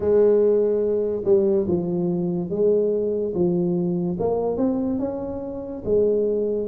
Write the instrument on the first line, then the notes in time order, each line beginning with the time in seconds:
tuba
0.00 G#3
1.25 G3
1.67 F3
2.50 G#3
3.34 F3
4.19 A#3
4.57 C4
4.99 C#4
5.84 G#3